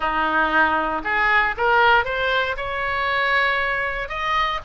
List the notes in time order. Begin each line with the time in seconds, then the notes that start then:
0.00 D#4
1.03 G#4
1.57 A#4
2.04 C5
2.56 C#5
4.08 D#5